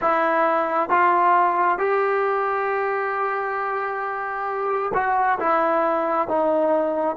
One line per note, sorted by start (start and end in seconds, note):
0.01 0.89 E4
0.89 1.78 F4
1.78 4.92 G4
4.93 5.38 F#4
5.39 6.27 E4
6.27 7.16 D#4